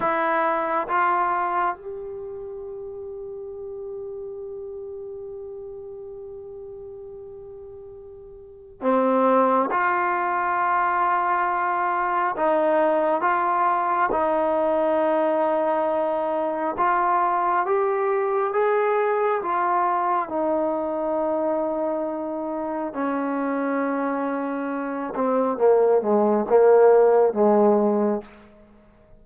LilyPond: \new Staff \with { instrumentName = "trombone" } { \time 4/4 \tempo 4 = 68 e'4 f'4 g'2~ | g'1~ | g'2 c'4 f'4~ | f'2 dis'4 f'4 |
dis'2. f'4 | g'4 gis'4 f'4 dis'4~ | dis'2 cis'2~ | cis'8 c'8 ais8 gis8 ais4 gis4 | }